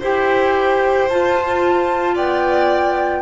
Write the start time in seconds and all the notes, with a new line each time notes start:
0.00 E4 G4 C5 G5
1.09 F4 A5
2.15 B3 D5 G5